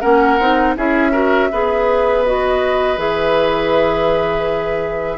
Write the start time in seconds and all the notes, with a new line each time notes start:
0.00 A#3 C#4 A#4 F#5
0.39 C4 D#4
0.76 C#4 E4 G#4 E5
1.11 F#4 A#4
1.52 B3 G#4 B4
2.25 F#4 D#5
2.97 E3 G#4 E5